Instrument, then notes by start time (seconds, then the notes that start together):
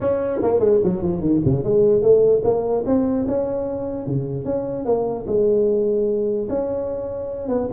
tuba
0.00 C#4
0.42 A#3
0.59 G#3
0.83 F#3
1.02 F3
1.20 D#3
1.44 C#3
1.63 G#3
2.02 A3
2.43 A#3
2.85 C4
3.27 C#4
4.06 C#3
4.44 C#4
4.85 A#3
5.26 G#3
6.49 C#4
7.48 B3